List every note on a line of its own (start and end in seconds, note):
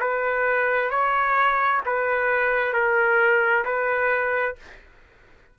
0.00 0.90 B4
0.90 1.81 C#5
1.86 2.74 B4
2.74 3.64 A#4
3.65 4.56 B4